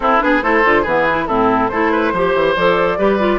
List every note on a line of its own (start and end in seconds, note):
0.00 0.20 C4
0.00 0.23 E4
0.00 0.21 A4
0.20 0.42 B3
0.20 0.41 D4
0.20 0.43 G#4
0.20 0.42 B4
0.42 0.63 A3
0.42 0.63 E4
0.42 0.82 A4
0.42 0.84 C5
0.64 0.86 D3
0.64 0.85 F4
0.82 1.28 E3
0.82 1.08 B3
0.82 1.24 G#4
0.82 1.26 B4
1.09 1.28 E4
1.27 1.70 A2
1.27 1.70 C4
1.27 1.70 E4
1.27 1.69 A4
1.69 2.12 A3
1.69 2.14 E4
1.69 1.91 A4
1.69 2.54 C5
1.91 2.12 B4
2.12 2.34 F3
2.12 2.56 G4
2.12 2.98 C5
2.34 2.55 E3
2.55 2.98 F3
2.55 2.98 A4
2.55 3.39 D5
2.98 3.39 G3
2.98 3.19 G4
2.98 3.39 B4
3.19 3.39 F4